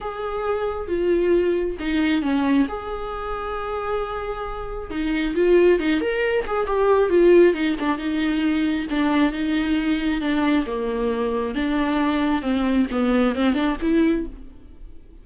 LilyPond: \new Staff \with { instrumentName = "viola" } { \time 4/4 \tempo 4 = 135 gis'2 f'2 | dis'4 cis'4 gis'2~ | gis'2. dis'4 | f'4 dis'8 ais'4 gis'8 g'4 |
f'4 dis'8 d'8 dis'2 | d'4 dis'2 d'4 | ais2 d'2 | c'4 b4 c'8 d'8 e'4 | }